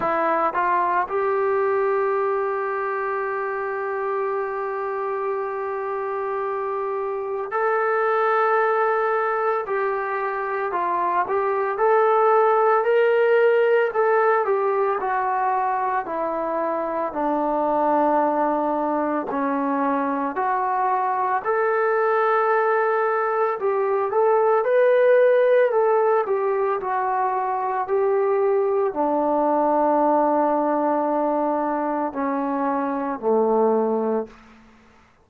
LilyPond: \new Staff \with { instrumentName = "trombone" } { \time 4/4 \tempo 4 = 56 e'8 f'8 g'2.~ | g'2. a'4~ | a'4 g'4 f'8 g'8 a'4 | ais'4 a'8 g'8 fis'4 e'4 |
d'2 cis'4 fis'4 | a'2 g'8 a'8 b'4 | a'8 g'8 fis'4 g'4 d'4~ | d'2 cis'4 a4 | }